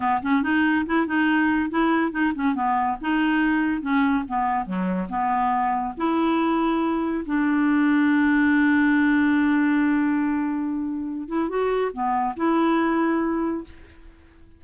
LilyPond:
\new Staff \with { instrumentName = "clarinet" } { \time 4/4 \tempo 4 = 141 b8 cis'8 dis'4 e'8 dis'4. | e'4 dis'8 cis'8 b4 dis'4~ | dis'4 cis'4 b4 fis4 | b2 e'2~ |
e'4 d'2.~ | d'1~ | d'2~ d'8 e'8 fis'4 | b4 e'2. | }